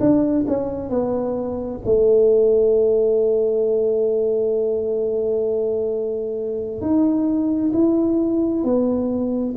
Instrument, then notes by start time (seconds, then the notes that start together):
tuba
0.00 D4
0.48 C#4
0.90 B3
1.85 A3
6.81 D#4
7.73 E4
8.64 B3